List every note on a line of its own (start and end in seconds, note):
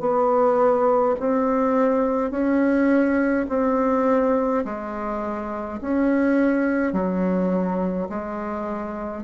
0.00 1.15 B3
1.20 2.31 C4
2.31 3.46 C#4
3.49 4.65 C4
4.65 5.81 G#3
5.82 6.93 C#4
6.93 8.08 F#3
8.10 9.24 G#3